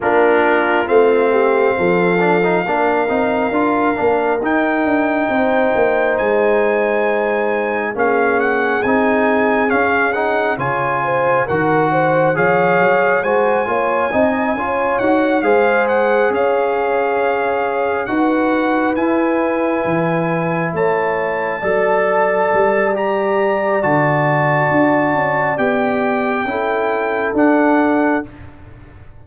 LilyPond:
<<
  \new Staff \with { instrumentName = "trumpet" } { \time 4/4 \tempo 4 = 68 ais'4 f''2.~ | f''4 g''2 gis''4~ | gis''4 f''8 fis''8 gis''4 f''8 fis''8 | gis''4 fis''4 f''4 gis''4~ |
gis''4 fis''8 f''8 fis''8 f''4.~ | f''8 fis''4 gis''2 a''8~ | a''2 ais''4 a''4~ | a''4 g''2 fis''4 | }
  \new Staff \with { instrumentName = "horn" } { \time 4/4 f'4. g'8 a'4 ais'4~ | ais'2 c''2~ | c''4 gis'2. | cis''8 c''8 ais'8 c''8 cis''4 c''8 cis''8 |
dis''8 cis''4 c''4 cis''4.~ | cis''8 b'2. cis''8~ | cis''8 d''2.~ d''8~ | d''2 a'2 | }
  \new Staff \with { instrumentName = "trombone" } { \time 4/4 d'4 c'4. d'16 dis'16 d'8 dis'8 | f'8 d'8 dis'2.~ | dis'4 cis'4 dis'4 cis'8 dis'8 | f'4 fis'4 gis'4 fis'8 f'8 |
dis'8 f'8 fis'8 gis'2~ gis'8~ | gis'8 fis'4 e'2~ e'8~ | e'8 a'4. g'4 fis'4~ | fis'4 g'4 e'4 d'4 | }
  \new Staff \with { instrumentName = "tuba" } { \time 4/4 ais4 a4 f4 ais8 c'8 | d'8 ais8 dis'8 d'8 c'8 ais8 gis4~ | gis4 ais4 c'4 cis'4 | cis4 dis4 f8 fis8 gis8 ais8 |
c'8 cis'8 dis'8 gis4 cis'4.~ | cis'8 dis'4 e'4 e4 a8~ | a8 fis4 g4. d4 | d'8 cis'8 b4 cis'4 d'4 | }
>>